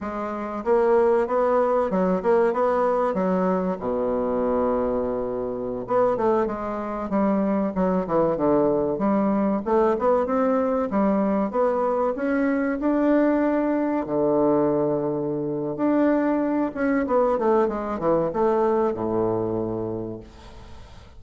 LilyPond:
\new Staff \with { instrumentName = "bassoon" } { \time 4/4 \tempo 4 = 95 gis4 ais4 b4 fis8 ais8 | b4 fis4 b,2~ | b,4~ b,16 b8 a8 gis4 g8.~ | g16 fis8 e8 d4 g4 a8 b16~ |
b16 c'4 g4 b4 cis'8.~ | cis'16 d'2 d4.~ d16~ | d4 d'4. cis'8 b8 a8 | gis8 e8 a4 a,2 | }